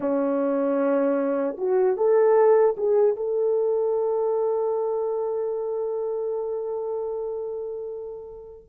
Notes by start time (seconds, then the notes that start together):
0.00 C#4
1.57 F#4
1.96 A4
2.77 G#4
3.16 A4